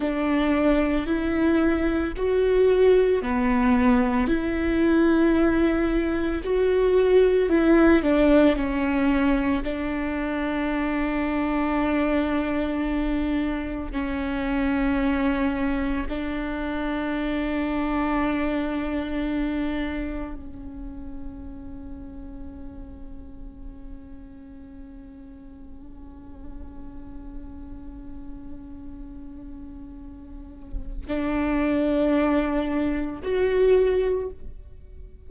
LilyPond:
\new Staff \with { instrumentName = "viola" } { \time 4/4 \tempo 4 = 56 d'4 e'4 fis'4 b4 | e'2 fis'4 e'8 d'8 | cis'4 d'2.~ | d'4 cis'2 d'4~ |
d'2. cis'4~ | cis'1~ | cis'1~ | cis'4 d'2 fis'4 | }